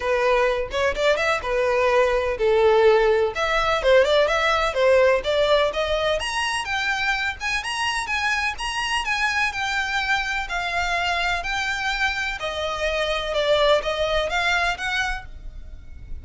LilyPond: \new Staff \with { instrumentName = "violin" } { \time 4/4 \tempo 4 = 126 b'4. cis''8 d''8 e''8 b'4~ | b'4 a'2 e''4 | c''8 d''8 e''4 c''4 d''4 | dis''4 ais''4 g''4. gis''8 |
ais''4 gis''4 ais''4 gis''4 | g''2 f''2 | g''2 dis''2 | d''4 dis''4 f''4 fis''4 | }